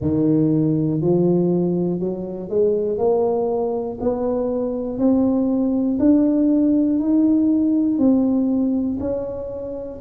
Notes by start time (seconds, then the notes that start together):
0.00 D#3
1.01 F3
1.99 F#3
2.49 G#3
2.98 A#3
4.00 B3
4.98 C4
5.99 D4
6.99 D#4
7.98 C4
9.00 C#4